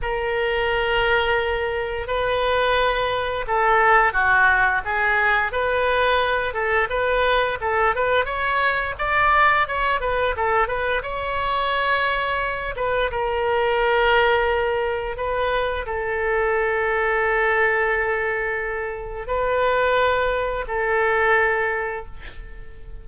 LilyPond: \new Staff \with { instrumentName = "oboe" } { \time 4/4 \tempo 4 = 87 ais'2. b'4~ | b'4 a'4 fis'4 gis'4 | b'4. a'8 b'4 a'8 b'8 | cis''4 d''4 cis''8 b'8 a'8 b'8 |
cis''2~ cis''8 b'8 ais'4~ | ais'2 b'4 a'4~ | a'1 | b'2 a'2 | }